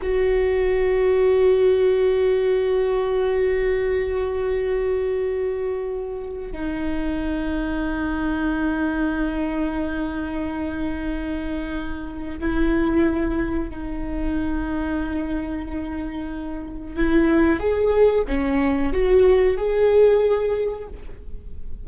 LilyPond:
\new Staff \with { instrumentName = "viola" } { \time 4/4 \tempo 4 = 92 fis'1~ | fis'1~ | fis'2 dis'2~ | dis'1~ |
dis'2. e'4~ | e'4 dis'2.~ | dis'2 e'4 gis'4 | cis'4 fis'4 gis'2 | }